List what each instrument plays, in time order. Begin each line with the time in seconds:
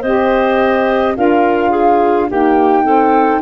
0.00 tuba C4, saxophone G4, clarinet C5, flute D#5
1.15 tuba D4, saxophone F4, clarinet A#4, flute F5
1.70 clarinet G#4
2.28 saxophone A#3, tuba D#4, clarinet G4, flute G5
2.83 saxophone C4, clarinet A4